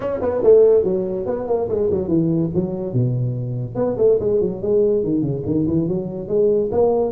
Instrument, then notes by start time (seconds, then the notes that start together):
tuba
0.00 C#4
0.21 B3
0.43 A3
0.84 F#3
1.26 B3
1.47 A#3
1.68 G#3
1.90 F#3
2.08 E3
2.54 F#3
2.93 B2
3.75 B3
3.97 A3
4.20 G#3
4.41 F#3
4.62 G#3
5.03 D#3
5.21 C#3
5.45 D#3
5.67 E3
5.88 F#3
6.28 G#3
6.71 A#3